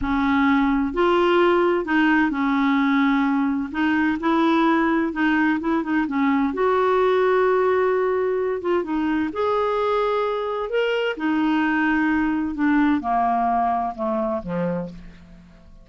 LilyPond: \new Staff \with { instrumentName = "clarinet" } { \time 4/4 \tempo 4 = 129 cis'2 f'2 | dis'4 cis'2. | dis'4 e'2 dis'4 | e'8 dis'8 cis'4 fis'2~ |
fis'2~ fis'8 f'8 dis'4 | gis'2. ais'4 | dis'2. d'4 | ais2 a4 f4 | }